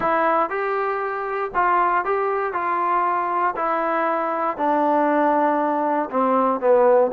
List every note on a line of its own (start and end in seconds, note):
0.00 0.49 E4
0.49 1.51 G4
1.54 2.04 F4
2.04 2.53 G4
2.53 3.55 F4
3.55 4.57 E4
4.57 6.09 D4
6.10 6.60 C4
6.60 7.11 B3